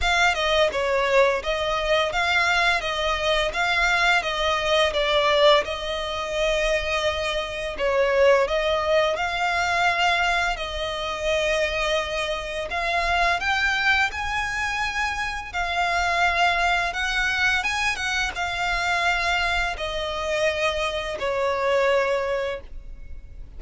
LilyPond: \new Staff \with { instrumentName = "violin" } { \time 4/4 \tempo 4 = 85 f''8 dis''8 cis''4 dis''4 f''4 | dis''4 f''4 dis''4 d''4 | dis''2. cis''4 | dis''4 f''2 dis''4~ |
dis''2 f''4 g''4 | gis''2 f''2 | fis''4 gis''8 fis''8 f''2 | dis''2 cis''2 | }